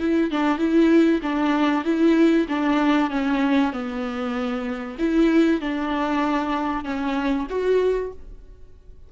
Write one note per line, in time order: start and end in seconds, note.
0.00 0.31 E4
0.31 0.59 D4
0.59 1.21 E4
1.23 1.85 D4
1.85 2.47 E4
2.49 3.11 D4
3.11 3.73 C#4
3.73 4.98 B3
4.99 5.61 E4
5.61 6.85 D4
6.85 7.47 C#4
7.50 8.12 F#4